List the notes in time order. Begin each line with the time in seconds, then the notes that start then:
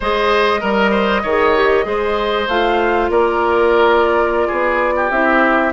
0.00 G#3 G#4 C5 D#5
0.60 G3 A#4
0.90 C5
1.22 D#3 G#4 C#5
1.55 G4
1.83 G#3 G#4 C5
2.48 A3 F4 F5
3.09 A#3 A#4 D5
4.47 B3 G#4
4.96 G4
5.10 C4 E4 E5